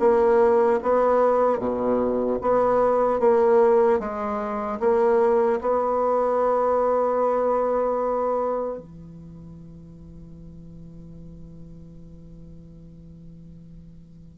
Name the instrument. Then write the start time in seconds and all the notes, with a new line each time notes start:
bassoon
0.00 A#3
0.83 B3
1.59 B2
2.41 B3
3.20 A#3
4.00 G#3
4.80 A#3
5.61 B3
8.79 E3